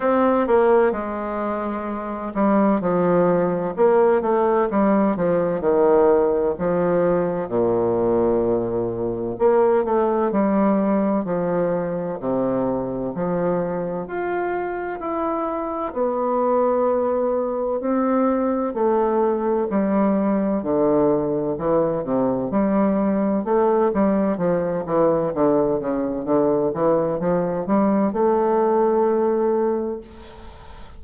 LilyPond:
\new Staff \with { instrumentName = "bassoon" } { \time 4/4 \tempo 4 = 64 c'8 ais8 gis4. g8 f4 | ais8 a8 g8 f8 dis4 f4 | ais,2 ais8 a8 g4 | f4 c4 f4 f'4 |
e'4 b2 c'4 | a4 g4 d4 e8 c8 | g4 a8 g8 f8 e8 d8 cis8 | d8 e8 f8 g8 a2 | }